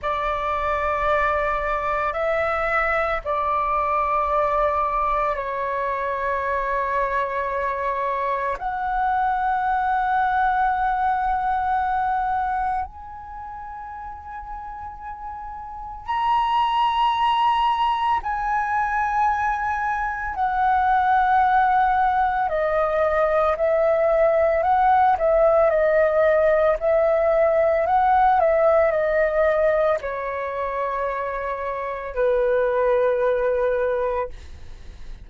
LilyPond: \new Staff \with { instrumentName = "flute" } { \time 4/4 \tempo 4 = 56 d''2 e''4 d''4~ | d''4 cis''2. | fis''1 | gis''2. ais''4~ |
ais''4 gis''2 fis''4~ | fis''4 dis''4 e''4 fis''8 e''8 | dis''4 e''4 fis''8 e''8 dis''4 | cis''2 b'2 | }